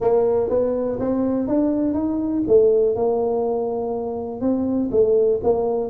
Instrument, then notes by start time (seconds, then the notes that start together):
tuba
0.00 A#3
0.49 B3
0.99 C4
1.47 D4
1.94 D#4
2.47 A3
2.95 A#3
4.41 C4
4.91 A3
5.43 A#3